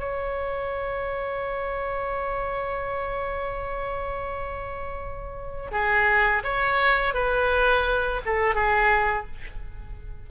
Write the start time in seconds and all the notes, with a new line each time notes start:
0.00 C#5
5.72 G#4
6.44 C#5
7.14 B4
8.26 A4
8.55 G#4